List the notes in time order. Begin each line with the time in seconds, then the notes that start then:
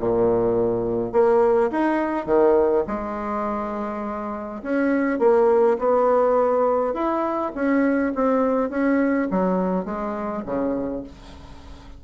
0.00 A#2
1.13 A#3
1.72 D#4
2.26 D#3
2.88 G#3
4.63 C#4
5.20 A#3
5.79 B3
6.94 E4
7.55 C#4
8.16 C4
8.70 C#4
9.31 F#3
9.86 G#3
10.46 C#3